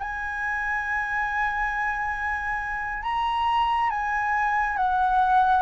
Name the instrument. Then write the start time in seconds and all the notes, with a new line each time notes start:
flute
0.00 G#5
3.04 A#5
3.91 G#5
4.77 F#5